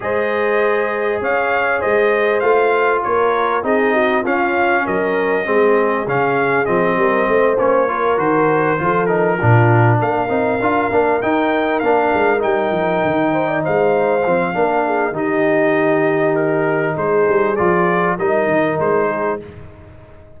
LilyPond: <<
  \new Staff \with { instrumentName = "trumpet" } { \time 4/4 \tempo 4 = 99 dis''2 f''4 dis''4 | f''4 cis''4 dis''4 f''4 | dis''2 f''4 dis''4~ | dis''8 cis''4 c''4. ais'4~ |
ais'8 f''2 g''4 f''8~ | f''8 g''2 f''4.~ | f''4 dis''2 ais'4 | c''4 d''4 dis''4 c''4 | }
  \new Staff \with { instrumentName = "horn" } { \time 4/4 c''2 cis''4 c''4~ | c''4 ais'4 gis'8 fis'8 f'4 | ais'4 gis'2~ gis'8 ais'8 | c''4 ais'4. a'4 f'8~ |
f'8 ais'2.~ ais'8~ | ais'2 c''16 d''16 c''4. | ais'8 gis'8 g'2. | gis'2 ais'4. gis'8 | }
  \new Staff \with { instrumentName = "trombone" } { \time 4/4 gis'1 | f'2 dis'4 cis'4~ | cis'4 c'4 cis'4 c'4~ | c'8 cis'8 f'8 fis'4 f'8 dis'8 d'8~ |
d'4 dis'8 f'8 d'8 dis'4 d'8~ | d'8 dis'2. c'8 | d'4 dis'2.~ | dis'4 f'4 dis'2 | }
  \new Staff \with { instrumentName = "tuba" } { \time 4/4 gis2 cis'4 gis4 | a4 ais4 c'4 cis'4 | fis4 gis4 cis4 f8 g8 | a8 ais4 dis4 f4 ais,8~ |
ais,8 ais8 c'8 d'8 ais8 dis'4 ais8 | gis8 g8 f8 dis4 gis4 f8 | ais4 dis2. | gis8 g8 f4 g8 dis8 gis4 | }
>>